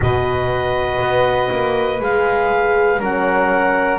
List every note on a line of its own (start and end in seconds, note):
0.00 0.98 B2
0.00 1.99 F#4
0.00 3.00 B4
0.00 2.01 D#5
0.98 1.48 B3
1.51 2.00 A#3
2.00 3.00 G#3
2.00 3.00 G#4
2.00 3.02 F5
3.00 3.98 F#3
3.00 3.98 C#4
3.00 3.98 A#4
3.00 3.98 F#5